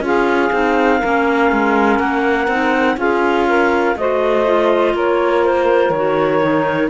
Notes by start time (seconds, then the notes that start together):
0.00 C#4 F4 G#4 F5
0.51 C4 D#4
0.98 A#3 C#4 A#4
1.51 G#3
1.99 A#3 F#5
2.47 C4 D#4
2.96 C#4 F4 G#4 F5
3.47 A#4
3.96 A3 F#4 C5 D#5
4.45 F4
4.93 A#3 A#4 C#5
5.44 C5
5.89 D#3 F#4 C#5
6.41 D#4